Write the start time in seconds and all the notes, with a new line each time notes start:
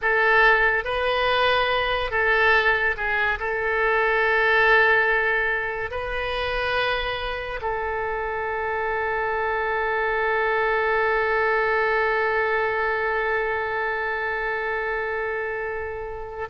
0.01 A4
0.84 B4
2.10 A4
2.96 G#4
3.39 A4
5.90 B4
7.61 A4